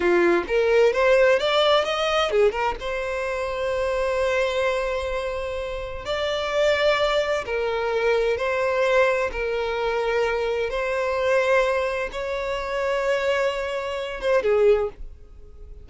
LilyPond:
\new Staff \with { instrumentName = "violin" } { \time 4/4 \tempo 4 = 129 f'4 ais'4 c''4 d''4 | dis''4 gis'8 ais'8 c''2~ | c''1~ | c''4 d''2. |
ais'2 c''2 | ais'2. c''4~ | c''2 cis''2~ | cis''2~ cis''8 c''8 gis'4 | }